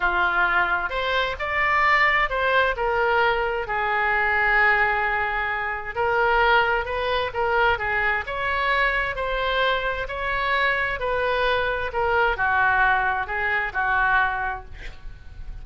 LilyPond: \new Staff \with { instrumentName = "oboe" } { \time 4/4 \tempo 4 = 131 f'2 c''4 d''4~ | d''4 c''4 ais'2 | gis'1~ | gis'4 ais'2 b'4 |
ais'4 gis'4 cis''2 | c''2 cis''2 | b'2 ais'4 fis'4~ | fis'4 gis'4 fis'2 | }